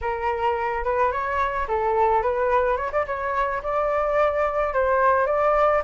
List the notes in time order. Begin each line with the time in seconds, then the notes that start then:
0.01 A#4
0.84 B4
1.11 C#5
1.67 A4
2.22 B4
2.77 C#5
2.91 D5
3.06 C#5
3.62 D5
4.73 C5
5.26 D5